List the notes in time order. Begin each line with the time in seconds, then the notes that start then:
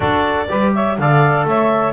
0.00 D4 F#4 A4 D5
0.49 G3 G4 B4
0.74 C#5 E5
0.98 D3 A4 D5 F5
1.44 A3 C#5 E5